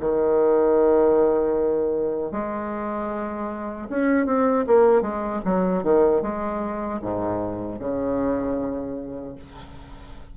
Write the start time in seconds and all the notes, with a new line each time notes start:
0.00 D#3
2.31 G#3
3.89 C#4
4.26 C4
4.66 A#3
5.02 G#3
5.45 F#3
5.83 D#3
6.22 G#3
7.01 G#2
7.79 C#3